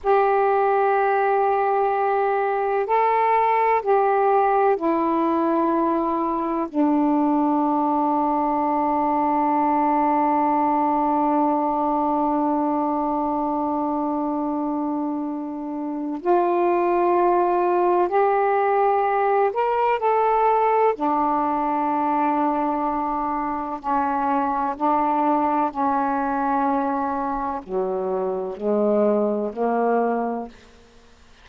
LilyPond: \new Staff \with { instrumentName = "saxophone" } { \time 4/4 \tempo 4 = 63 g'2. a'4 | g'4 e'2 d'4~ | d'1~ | d'1~ |
d'4 f'2 g'4~ | g'8 ais'8 a'4 d'2~ | d'4 cis'4 d'4 cis'4~ | cis'4 fis4 gis4 ais4 | }